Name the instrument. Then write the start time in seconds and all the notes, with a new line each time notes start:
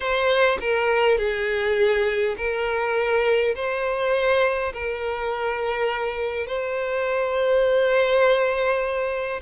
violin
0.00 C5
0.60 A#4
1.18 G#4
2.37 A#4
3.55 C5
4.73 A#4
6.46 C5